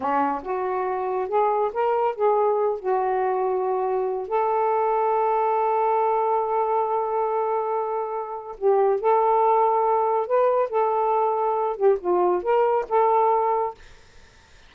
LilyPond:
\new Staff \with { instrumentName = "saxophone" } { \time 4/4 \tempo 4 = 140 cis'4 fis'2 gis'4 | ais'4 gis'4. fis'4.~ | fis'2 a'2~ | a'1~ |
a'1 | g'4 a'2. | b'4 a'2~ a'8 g'8 | f'4 ais'4 a'2 | }